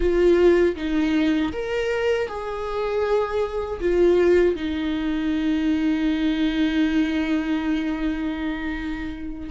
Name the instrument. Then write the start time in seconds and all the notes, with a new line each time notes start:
viola
0.00 F4
0.76 D#4
1.52 A#4
2.28 G#4
3.80 F4
4.55 D#4